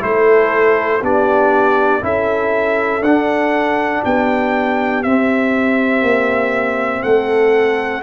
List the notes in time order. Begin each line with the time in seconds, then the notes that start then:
0.00 A3 E4 A4 C5
1.02 B3 D4 G4 D5
2.01 C#4 E4 A4 E5
3.02 D4 F#5
4.04 B3 G4 G5
5.03 C4 E5
6.02 A#3
7.03 A3 A4 F#5